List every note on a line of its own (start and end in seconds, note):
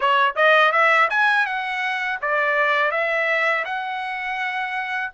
0.00 0.35 C#5
0.35 0.72 D#5
0.72 1.08 E5
1.10 1.45 G#5
1.45 2.19 F#5
2.21 2.91 D5
2.91 3.64 E5
3.65 5.11 F#5